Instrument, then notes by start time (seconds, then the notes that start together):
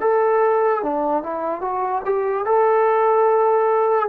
trombone
0.00 A4
0.82 D4
1.23 E4
1.61 F#4
2.05 G4
2.45 A4